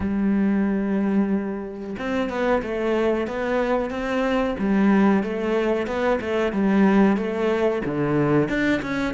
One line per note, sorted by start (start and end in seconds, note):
0.00 1.96 G3
1.98 2.29 C4
2.29 2.62 B3
2.62 3.27 A3
3.27 3.90 B3
3.90 4.55 C4
4.58 5.23 G3
5.23 5.86 A3
5.86 6.19 B3
6.20 6.52 A3
6.52 7.16 G3
7.16 7.81 A3
7.84 8.48 D3
8.48 8.81 D4
8.82 9.14 C#4